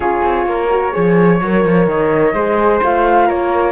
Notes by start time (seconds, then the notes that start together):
0.00 C#4 F4 G#4 C#5
0.23 C4
0.45 A#3 A#4
0.70 F#4
0.92 F3 G#4 C#5
1.41 F#3 A#4
1.64 F3
1.86 D#3 D#5
2.33 G#3 G#4 C5
2.82 A3 F4 F5
3.26 A#3 A#4 C#5